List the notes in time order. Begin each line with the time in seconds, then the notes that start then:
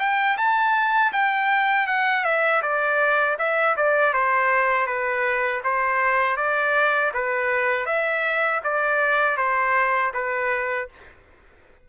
0.00 G5
0.38 A5
1.13 G5
1.88 F#5
2.25 E5
2.62 D5
3.39 E5
3.77 D5
4.14 C5
4.87 B4
5.65 C5
6.37 D5
7.15 B4
7.86 E5
8.64 D5
9.38 C5
10.14 B4